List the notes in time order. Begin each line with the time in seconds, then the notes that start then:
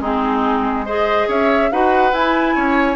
0.00 G#3 C4 D#4 G#4
0.86 G#4 C5 D#5
1.28 C#4 C#5 E5
1.72 D#4 F#4 B4 F#5
2.11 E4 G#5
2.55 C#4 C#5